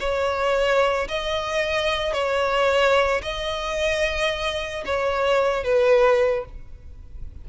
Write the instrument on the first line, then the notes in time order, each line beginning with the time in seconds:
violin
0.00 C#5
1.08 D#5
2.14 C#5
3.22 D#5
4.86 C#5
5.64 B4